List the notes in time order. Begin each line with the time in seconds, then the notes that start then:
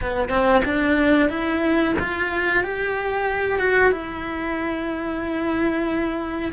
0.01 B3
0.29 C4
0.64 D4
1.29 E4
1.99 F4
2.63 G4
3.58 F#4
3.91 E4